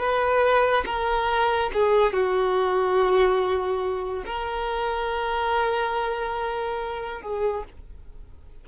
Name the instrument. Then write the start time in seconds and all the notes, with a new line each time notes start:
violin
0.00 B4
0.86 A#4
1.74 G#4
2.13 F#4
4.26 A#4
7.22 G#4